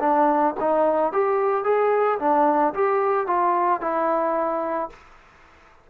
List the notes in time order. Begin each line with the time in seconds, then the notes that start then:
0.00 D4
0.60 D#4
1.13 G4
1.64 G#4
2.19 D4
2.74 G4
3.27 F4
3.81 E4